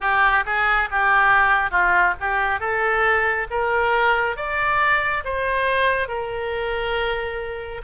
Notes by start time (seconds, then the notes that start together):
0.00 G4
0.45 G#4
0.91 G4
1.70 F4
2.20 G4
2.60 A4
3.50 A#4
4.36 D5
5.24 C5
6.08 A#4